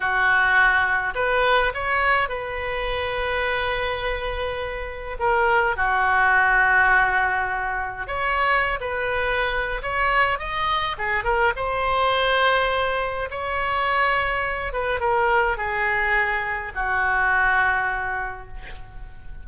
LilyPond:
\new Staff \with { instrumentName = "oboe" } { \time 4/4 \tempo 4 = 104 fis'2 b'4 cis''4 | b'1~ | b'4 ais'4 fis'2~ | fis'2 cis''4~ cis''16 b'8.~ |
b'4 cis''4 dis''4 gis'8 ais'8 | c''2. cis''4~ | cis''4. b'8 ais'4 gis'4~ | gis'4 fis'2. | }